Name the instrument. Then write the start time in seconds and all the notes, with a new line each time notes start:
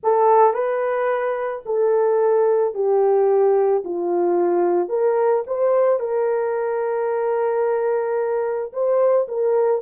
horn
0.03 A4
0.53 B4
1.65 A4
2.74 G4
3.84 F4
4.88 A#4
5.46 C5
5.99 A#4
8.72 C5
9.28 A#4